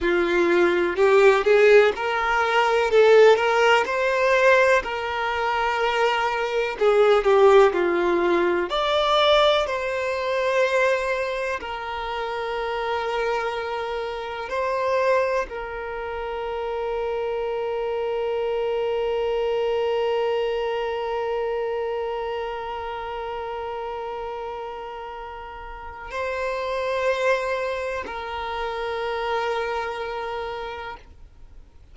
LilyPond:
\new Staff \with { instrumentName = "violin" } { \time 4/4 \tempo 4 = 62 f'4 g'8 gis'8 ais'4 a'8 ais'8 | c''4 ais'2 gis'8 g'8 | f'4 d''4 c''2 | ais'2. c''4 |
ais'1~ | ais'1~ | ais'2. c''4~ | c''4 ais'2. | }